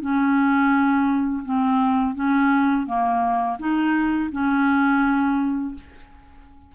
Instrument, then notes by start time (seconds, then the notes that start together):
clarinet
0.00 C#4
1.44 C4
2.15 C#4
2.86 A#3
3.58 D#4
4.31 C#4